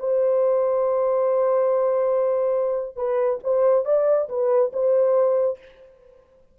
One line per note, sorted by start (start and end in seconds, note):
0.00 2.96 C5
2.96 3.39 B4
3.44 3.86 C5
3.86 4.29 D5
4.30 4.73 B4
4.73 5.59 C5